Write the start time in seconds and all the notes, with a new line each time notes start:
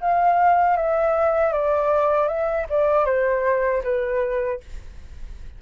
0.00 F5
0.76 E5
1.52 D5
2.27 E5
2.69 D5
3.05 C5
3.83 B4